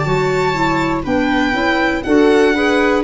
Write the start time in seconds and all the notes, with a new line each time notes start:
0.00 F#4 C#5 A5
0.06 F#3
0.54 E4
1.03 B3 D4 B4 G5
1.53 C#4 E4
2.03 D4 F#4 A4 F#5
2.55 G#4 B4